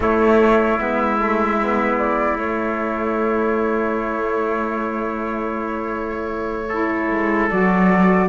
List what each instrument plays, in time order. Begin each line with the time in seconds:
0.00 saxophone A3, cello A3, trumpet E4, flute C#5
0.78 cello G#3, saxophone B3, flute E5
1.18 saxophone A3
1.61 saxophone B3
1.98 flute D5
2.37 cello A3, saxophone A3, flute C#5
6.68 saxophone E4, trumpet A4
7.10 cello G#3
7.50 cello F#3, saxophone F#4, flute D5